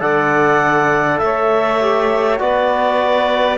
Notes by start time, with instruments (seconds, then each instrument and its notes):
0.00 cello D3, trombone A4, saxophone D5, clarinet F#5
1.19 cello A3, saxophone C#5, clarinet E5
1.80 trombone G4
2.40 cello B3, trombone F#4, saxophone B4, clarinet D5